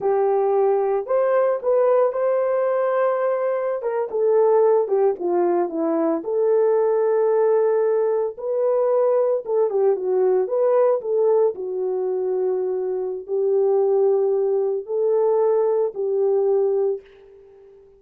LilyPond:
\new Staff \with { instrumentName = "horn" } { \time 4/4 \tempo 4 = 113 g'2 c''4 b'4 | c''2.~ c''16 ais'8 a'16~ | a'4~ a'16 g'8 f'4 e'4 a'16~ | a'2.~ a'8. b'16~ |
b'4.~ b'16 a'8 g'8 fis'4 b'16~ | b'8. a'4 fis'2~ fis'16~ | fis'4 g'2. | a'2 g'2 | }